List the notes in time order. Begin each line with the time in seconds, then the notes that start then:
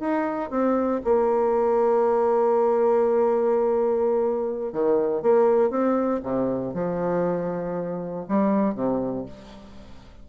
0.00 D#4
0.50 C4
1.04 A#3
4.73 D#3
5.22 A#3
5.70 C4
6.23 C3
6.74 F3
8.28 G3
8.75 C3